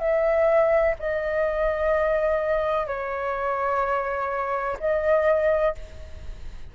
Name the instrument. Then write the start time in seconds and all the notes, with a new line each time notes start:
flute
0.00 E5
1.00 D#5
2.87 C#5
4.80 D#5